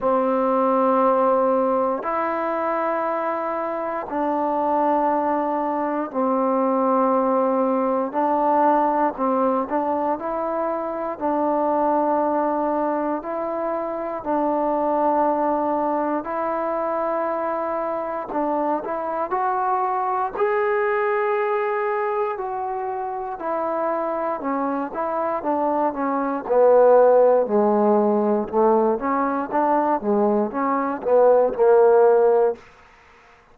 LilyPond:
\new Staff \with { instrumentName = "trombone" } { \time 4/4 \tempo 4 = 59 c'2 e'2 | d'2 c'2 | d'4 c'8 d'8 e'4 d'4~ | d'4 e'4 d'2 |
e'2 d'8 e'8 fis'4 | gis'2 fis'4 e'4 | cis'8 e'8 d'8 cis'8 b4 gis4 | a8 cis'8 d'8 gis8 cis'8 b8 ais4 | }